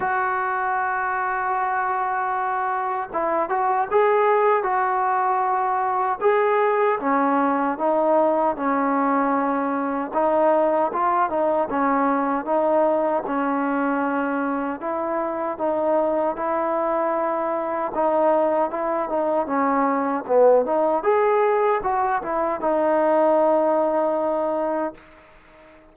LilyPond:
\new Staff \with { instrumentName = "trombone" } { \time 4/4 \tempo 4 = 77 fis'1 | e'8 fis'8 gis'4 fis'2 | gis'4 cis'4 dis'4 cis'4~ | cis'4 dis'4 f'8 dis'8 cis'4 |
dis'4 cis'2 e'4 | dis'4 e'2 dis'4 | e'8 dis'8 cis'4 b8 dis'8 gis'4 | fis'8 e'8 dis'2. | }